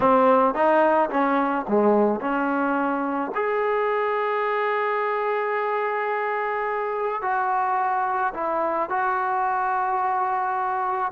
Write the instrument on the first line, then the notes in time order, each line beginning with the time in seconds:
trombone
0.00 C4
0.54 D#4
1.10 C#4
1.68 G#3
2.20 C#4
3.34 G#4
7.22 F#4
8.34 E4
8.89 F#4